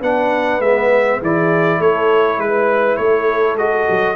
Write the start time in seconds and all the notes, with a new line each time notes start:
0.00 B3 D4 B4 F#5
0.60 G#3 B3 E5
1.22 E3 E4 G#4 D5
1.79 A3 A4 C#5
2.38 G#3 B4
2.97 A3 A4 C#5
3.56 G#3 F#4 D#5
3.90 F#3